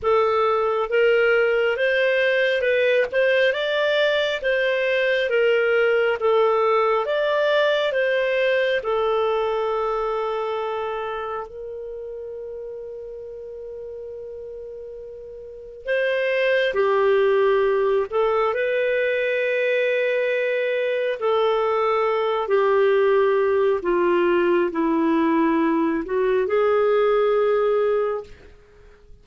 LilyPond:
\new Staff \with { instrumentName = "clarinet" } { \time 4/4 \tempo 4 = 68 a'4 ais'4 c''4 b'8 c''8 | d''4 c''4 ais'4 a'4 | d''4 c''4 a'2~ | a'4 ais'2.~ |
ais'2 c''4 g'4~ | g'8 a'8 b'2. | a'4. g'4. f'4 | e'4. fis'8 gis'2 | }